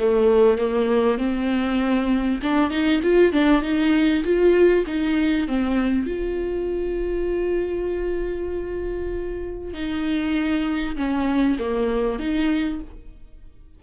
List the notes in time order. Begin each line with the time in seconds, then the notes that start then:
0.00 A3
0.58 A#3
1.18 C4
2.43 D4
2.71 D#4
3.03 F4
3.33 D4
3.62 D#4
4.24 F4
4.87 D#4
5.48 C4
6.07 F4
9.74 D#4
10.96 C#4
11.59 A#3
12.19 D#4